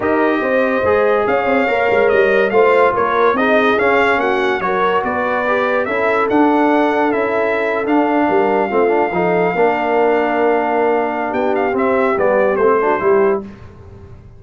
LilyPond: <<
  \new Staff \with { instrumentName = "trumpet" } { \time 4/4 \tempo 4 = 143 dis''2. f''4~ | f''4 dis''4 f''4 cis''4 | dis''4 f''4 fis''4 cis''4 | d''2 e''4 fis''4~ |
fis''4 e''4.~ e''16 f''4~ f''16~ | f''1~ | f''2. g''8 f''8 | e''4 d''4 c''2 | }
  \new Staff \with { instrumentName = "horn" } { \time 4/4 ais'4 c''2 cis''4~ | cis''2 c''4 ais'4 | gis'2 fis'4 ais'4 | b'2 a'2~ |
a'2.~ a'8. ais'16~ | ais'8. f'4 a'4 ais'4~ ais'16~ | ais'2. g'4~ | g'2~ g'8 fis'8 g'4 | }
  \new Staff \with { instrumentName = "trombone" } { \time 4/4 g'2 gis'2 | ais'2 f'2 | dis'4 cis'2 fis'4~ | fis'4 g'4 e'4 d'4~ |
d'4 e'4.~ e'16 d'4~ d'16~ | d'8. c'8 d'8 dis'4 d'4~ d'16~ | d'1 | c'4 b4 c'8 d'8 e'4 | }
  \new Staff \with { instrumentName = "tuba" } { \time 4/4 dis'4 c'4 gis4 cis'8 c'8 | ais8 gis8 g4 a4 ais4 | c'4 cis'4 ais4 fis4 | b2 cis'4 d'4~ |
d'4 cis'4.~ cis'16 d'4 g16~ | g8. a4 f4 ais4~ ais16~ | ais2. b4 | c'4 g4 a4 g4 | }
>>